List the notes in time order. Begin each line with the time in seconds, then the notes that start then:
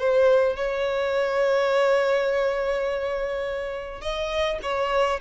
0.00 C5
0.56 C#5
4.01 D#5
4.63 C#5